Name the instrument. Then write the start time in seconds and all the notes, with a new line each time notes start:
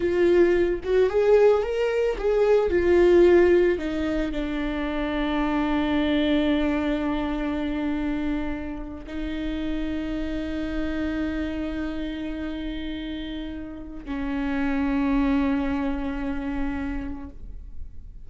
viola
0.00 F4
0.83 F#4
1.09 G#4
1.62 A#4
2.17 G#4
2.70 F4
3.78 D#4
4.32 D4
9.06 D#4
14.05 C#4